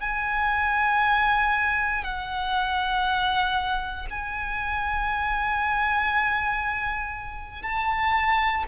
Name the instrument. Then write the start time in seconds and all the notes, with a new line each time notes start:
violin
0.00 G#5
2.03 F#5
4.10 G#5
7.63 A5